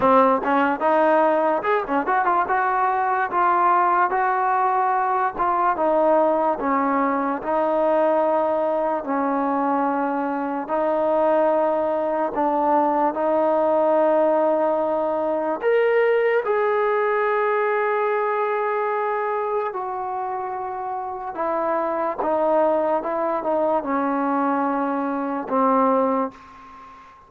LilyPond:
\new Staff \with { instrumentName = "trombone" } { \time 4/4 \tempo 4 = 73 c'8 cis'8 dis'4 gis'16 cis'16 fis'16 f'16 fis'4 | f'4 fis'4. f'8 dis'4 | cis'4 dis'2 cis'4~ | cis'4 dis'2 d'4 |
dis'2. ais'4 | gis'1 | fis'2 e'4 dis'4 | e'8 dis'8 cis'2 c'4 | }